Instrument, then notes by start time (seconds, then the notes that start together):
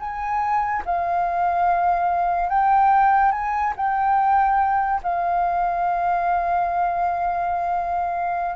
flute
0.00 G#5
0.86 F5
2.49 G5
3.32 G#5
3.76 G5
5.03 F5